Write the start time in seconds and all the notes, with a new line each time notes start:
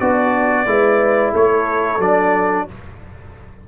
0.00 B3 D4 F#4 D5
0.67 G#3 E4 B4
1.33 A3 A4 C#5
1.99 F#3 D4 D5